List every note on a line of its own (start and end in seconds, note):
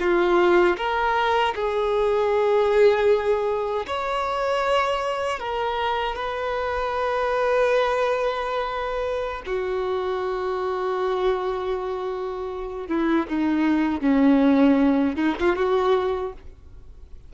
0.00 0.77 F4
0.77 1.54 A#4
1.55 3.86 G#4
3.87 5.40 C#5
5.40 6.15 A#4
6.15 9.42 B4
9.46 12.88 F#4
12.88 13.26 E4
13.28 14.01 D#4
14.01 15.16 C#4
15.16 15.35 D#4
15.40 15.56 F4
15.56 16.33 F#4